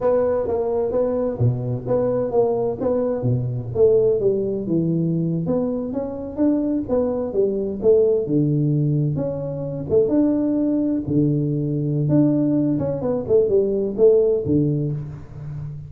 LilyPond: \new Staff \with { instrumentName = "tuba" } { \time 4/4 \tempo 4 = 129 b4 ais4 b4 b,4 | b4 ais4 b4 b,4 | a4 g4 e4.~ e16 b16~ | b8. cis'4 d'4 b4 g16~ |
g8. a4 d2 cis'16~ | cis'4~ cis'16 a8 d'2 d16~ | d2 d'4. cis'8 | b8 a8 g4 a4 d4 | }